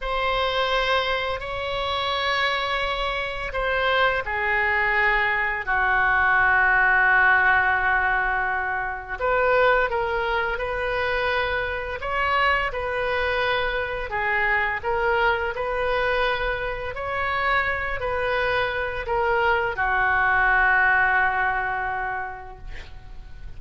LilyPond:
\new Staff \with { instrumentName = "oboe" } { \time 4/4 \tempo 4 = 85 c''2 cis''2~ | cis''4 c''4 gis'2 | fis'1~ | fis'4 b'4 ais'4 b'4~ |
b'4 cis''4 b'2 | gis'4 ais'4 b'2 | cis''4. b'4. ais'4 | fis'1 | }